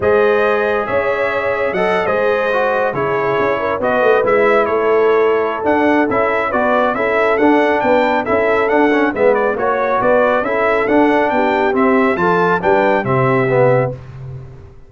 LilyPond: <<
  \new Staff \with { instrumentName = "trumpet" } { \time 4/4 \tempo 4 = 138 dis''2 e''2 | fis''8. dis''2 cis''4~ cis''16~ | cis''8. dis''4 e''4 cis''4~ cis''16~ | cis''4 fis''4 e''4 d''4 |
e''4 fis''4 g''4 e''4 | fis''4 e''8 d''8 cis''4 d''4 | e''4 fis''4 g''4 e''4 | a''4 g''4 e''2 | }
  \new Staff \with { instrumentName = "horn" } { \time 4/4 c''2 cis''2 | dis''8. c''2 gis'4~ gis'16~ | gis'16 ais'8 b'2 a'4~ a'16~ | a'2. b'4 |
a'2 b'4 a'4~ | a'4 b'4 cis''4 b'4 | a'2 g'2 | a'4 b'4 g'2 | }
  \new Staff \with { instrumentName = "trombone" } { \time 4/4 gis'1 | a'8. gis'4 fis'4 e'4~ e'16~ | e'8. fis'4 e'2~ e'16~ | e'4 d'4 e'4 fis'4 |
e'4 d'2 e'4 | d'8 cis'8 b4 fis'2 | e'4 d'2 c'4 | f'4 d'4 c'4 b4 | }
  \new Staff \with { instrumentName = "tuba" } { \time 4/4 gis2 cis'2 | fis8. gis2 cis4 cis'16~ | cis'8. b8 a8 gis4 a4~ a16~ | a4 d'4 cis'4 b4 |
cis'4 d'4 b4 cis'4 | d'4 gis4 ais4 b4 | cis'4 d'4 b4 c'4 | f4 g4 c2 | }
>>